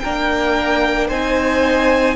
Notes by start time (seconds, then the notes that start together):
0.00 A#3 D4 A#4 G5
1.08 C4 D#4 C5 G#5